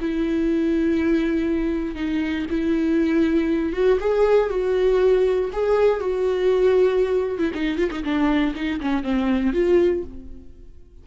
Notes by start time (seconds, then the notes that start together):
0.00 E4
1.95 D#4
2.50 E4
3.73 F#4
4.00 G#4
4.50 F#4
5.53 G#4
6.00 F#4
7.39 E4
7.54 D#4
7.78 F4
7.91 D#4
8.04 D4
8.55 D#4
8.80 C#4
9.03 C4
9.53 F4